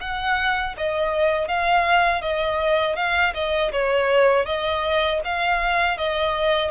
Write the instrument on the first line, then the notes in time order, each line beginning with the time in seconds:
violin
0.00 F#5
0.77 D#5
1.48 F5
2.22 D#5
2.96 F5
3.34 D#5
3.72 C#5
4.46 D#5
5.24 F5
5.98 D#5